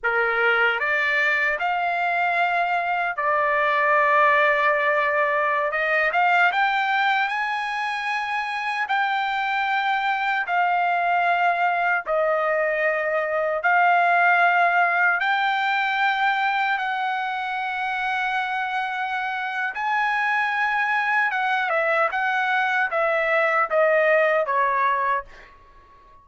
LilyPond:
\new Staff \with { instrumentName = "trumpet" } { \time 4/4 \tempo 4 = 76 ais'4 d''4 f''2 | d''2.~ d''16 dis''8 f''16~ | f''16 g''4 gis''2 g''8.~ | g''4~ g''16 f''2 dis''8.~ |
dis''4~ dis''16 f''2 g''8.~ | g''4~ g''16 fis''2~ fis''8.~ | fis''4 gis''2 fis''8 e''8 | fis''4 e''4 dis''4 cis''4 | }